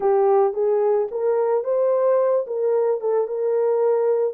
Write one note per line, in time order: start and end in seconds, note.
0.00 0.53 G4
0.53 1.08 G#4
1.11 1.64 A#4
1.64 2.45 C5
2.46 3.00 A#4
3.00 3.27 A4
3.27 4.34 A#4